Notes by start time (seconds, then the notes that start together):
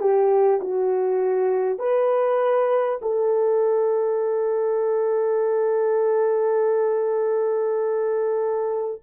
0.00 G4
0.61 F#4
1.78 B4
3.01 A4